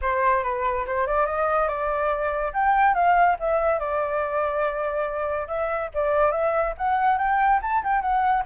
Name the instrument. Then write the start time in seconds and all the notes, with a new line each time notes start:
flute
0.01 C5
0.43 B4
0.86 C5
1.06 D5
1.26 D#5
1.68 D5
2.53 G5
2.94 F5
3.39 E5
3.79 D5
5.47 E5
5.94 D5
6.31 E5
6.77 F#5
7.18 G5
7.62 A5
7.83 G5
8.01 F#5